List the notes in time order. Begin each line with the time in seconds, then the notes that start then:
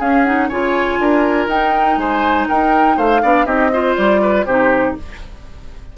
0.00 C#4 G#4 F5
0.24 D#4 F#5
0.49 C#3 F4 C#5 G#5
1.00 D4 A#4
1.48 D#4 G5
1.97 G#3 C5 G#5
2.49 D#4 A#4 G5
2.97 A3 C5 F5
3.23 B3 D4 D5
3.46 C4 D#4 G4 D#5
3.73 F4 C5
3.96 G3 D5
4.22 B4
4.46 C3 D#4 G4 C5